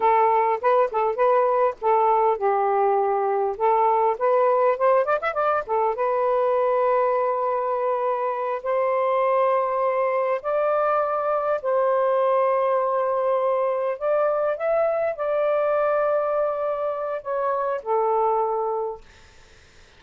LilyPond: \new Staff \with { instrumentName = "saxophone" } { \time 4/4 \tempo 4 = 101 a'4 b'8 a'8 b'4 a'4 | g'2 a'4 b'4 | c''8 d''16 e''16 d''8 a'8 b'2~ | b'2~ b'8 c''4.~ |
c''4. d''2 c''8~ | c''2.~ c''8 d''8~ | d''8 e''4 d''2~ d''8~ | d''4 cis''4 a'2 | }